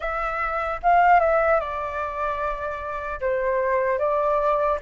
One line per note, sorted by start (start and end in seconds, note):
0.00 0.80 E5
0.82 1.20 F5
1.20 1.60 E5
1.60 3.20 D5
3.20 3.99 C5
3.99 4.79 D5